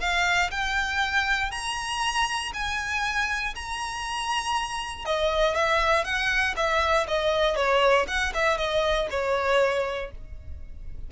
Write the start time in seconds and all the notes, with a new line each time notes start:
0.00 F5
0.51 G5
1.51 A#5
2.53 G#5
3.55 A#5
5.05 D#5
5.55 E5
6.04 F#5
6.56 E5
7.07 D#5
7.56 C#5
8.07 F#5
8.34 E5
8.57 D#5
9.10 C#5